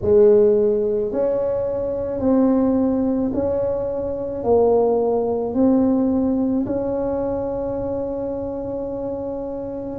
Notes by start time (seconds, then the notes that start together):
0.02 G#3
1.12 C#4
2.20 C4
3.33 C#4
4.43 A#3
5.54 C4
6.66 C#4